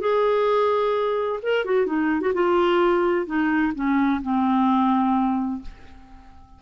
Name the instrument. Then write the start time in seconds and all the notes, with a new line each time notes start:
clarinet
0.00 G#4
1.42 A#4
1.64 F#4
1.86 D#4
2.21 F#4
2.34 F4
3.26 D#4
3.75 C#4
4.22 C4